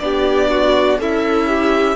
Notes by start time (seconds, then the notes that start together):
0.00 B3 D4 G4 D5
0.51 F#4
0.98 C#4 E4 A4 E5
1.47 G4